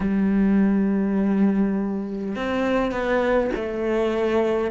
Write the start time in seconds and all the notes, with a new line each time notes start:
0.00 G3
2.35 C4
2.91 B3
3.55 A3